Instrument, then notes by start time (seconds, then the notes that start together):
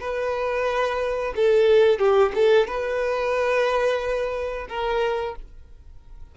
violin
0.00 B4
1.36 A4
1.99 G4
2.35 A4
2.67 B4
4.69 A#4